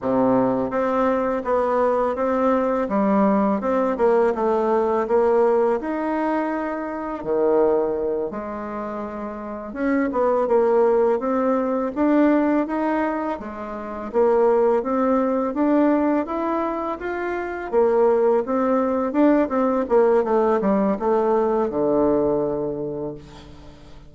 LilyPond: \new Staff \with { instrumentName = "bassoon" } { \time 4/4 \tempo 4 = 83 c4 c'4 b4 c'4 | g4 c'8 ais8 a4 ais4 | dis'2 dis4. gis8~ | gis4. cis'8 b8 ais4 c'8~ |
c'8 d'4 dis'4 gis4 ais8~ | ais8 c'4 d'4 e'4 f'8~ | f'8 ais4 c'4 d'8 c'8 ais8 | a8 g8 a4 d2 | }